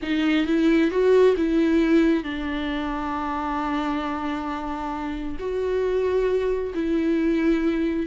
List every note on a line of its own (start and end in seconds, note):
0.02 0.46 D#4
0.46 0.90 E4
0.90 1.35 F#4
1.36 2.23 E4
2.23 5.37 D4
5.39 6.73 F#4
6.74 8.06 E4